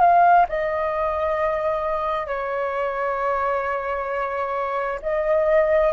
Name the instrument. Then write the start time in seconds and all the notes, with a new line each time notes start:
flute
0.00 F5
0.48 D#5
2.26 C#5
5.02 D#5